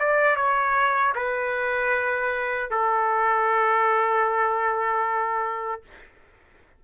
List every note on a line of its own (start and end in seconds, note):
0.00 0.36 D5
0.36 1.14 C#5
1.15 2.71 B4
2.71 5.83 A4